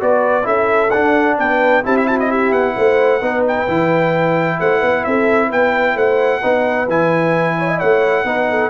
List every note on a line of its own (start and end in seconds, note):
0.00 0.46 B3
0.00 0.43 F#4
0.00 0.45 B4
0.00 0.46 D5
0.43 0.92 C#4
0.43 0.89 E4
0.43 1.36 A4
0.43 0.90 E5
0.90 1.83 D4
0.90 1.38 D4
0.90 1.36 F#5
1.38 1.84 B3
1.38 1.84 B4
1.38 1.84 G5
1.83 2.52 C4
1.83 3.21 E4
1.83 2.07 G4
1.83 1.97 A5
1.97 2.07 E5
2.07 2.29 F#4
2.07 2.18 A5
2.20 2.31 D#5
2.29 2.75 G4
2.29 2.52 E5
2.52 2.75 B3
2.52 3.44 F#5
2.76 3.21 A3
2.76 3.21 C5
3.21 3.67 B3
3.21 3.67 D#4
3.21 4.59 B4
3.47 4.60 G5
3.68 4.59 E3
3.68 6.42 E4
4.60 4.82 A3
4.60 4.80 C5
4.60 5.04 F#5
4.80 5.05 B3
4.80 5.03 B4
5.04 5.51 C4
5.04 5.48 A4
5.04 5.50 E5
5.48 5.95 B3
5.48 5.94 B4
5.48 5.97 G5
5.95 6.41 A3
5.95 6.41 C5
5.95 6.89 F#5
6.42 6.88 B3
6.42 6.88 D#4
6.42 7.56 B4
6.88 7.80 E3
6.88 8.26 E4
6.88 7.79 G#5
7.58 7.68 C#5
7.68 7.79 D#5
7.79 8.24 A3
7.79 8.25 C#5
7.79 8.70 F#5
8.24 8.70 B3
8.24 8.70 D#4
8.24 8.48 B4
8.50 8.70 A4